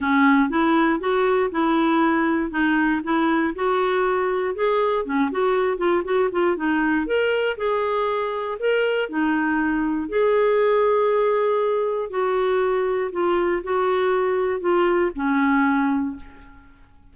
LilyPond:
\new Staff \with { instrumentName = "clarinet" } { \time 4/4 \tempo 4 = 119 cis'4 e'4 fis'4 e'4~ | e'4 dis'4 e'4 fis'4~ | fis'4 gis'4 cis'8 fis'4 f'8 | fis'8 f'8 dis'4 ais'4 gis'4~ |
gis'4 ais'4 dis'2 | gis'1 | fis'2 f'4 fis'4~ | fis'4 f'4 cis'2 | }